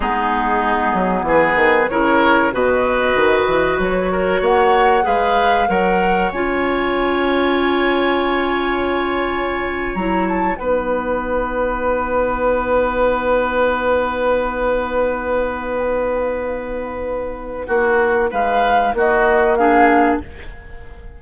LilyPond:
<<
  \new Staff \with { instrumentName = "flute" } { \time 4/4 \tempo 4 = 95 gis'2 b'4 cis''4 | dis''2 cis''4 fis''4 | f''4 fis''4 gis''2~ | gis''2.~ gis''8. ais''16~ |
ais''16 a''8 fis''2.~ fis''16~ | fis''1~ | fis''1~ | fis''4 f''4 dis''4 f''4 | }
  \new Staff \with { instrumentName = "oboe" } { \time 4/4 dis'2 gis'4 ais'4 | b'2~ b'8 ais'8 cis''4 | b'4 cis''2.~ | cis''1~ |
cis''8. b'2.~ b'16~ | b'1~ | b'1 | fis'4 b'4 fis'4 gis'4 | }
  \new Staff \with { instrumentName = "clarinet" } { \time 4/4 b2. e'4 | fis'1 | gis'4 ais'4 f'2~ | f'2.~ f'8. e'16~ |
e'8. dis'2.~ dis'16~ | dis'1~ | dis'1~ | dis'2. d'4 | }
  \new Staff \with { instrumentName = "bassoon" } { \time 4/4 gis4. fis8 e8 dis8 cis4 | b,4 dis8 e8 fis4 ais4 | gis4 fis4 cis'2~ | cis'2.~ cis'8. fis16~ |
fis8. b2.~ b16~ | b1~ | b1 | ais4 gis4 ais2 | }
>>